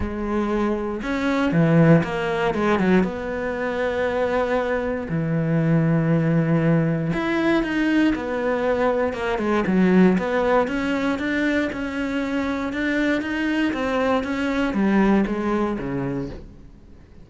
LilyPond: \new Staff \with { instrumentName = "cello" } { \time 4/4 \tempo 4 = 118 gis2 cis'4 e4 | ais4 gis8 fis8 b2~ | b2 e2~ | e2 e'4 dis'4 |
b2 ais8 gis8 fis4 | b4 cis'4 d'4 cis'4~ | cis'4 d'4 dis'4 c'4 | cis'4 g4 gis4 cis4 | }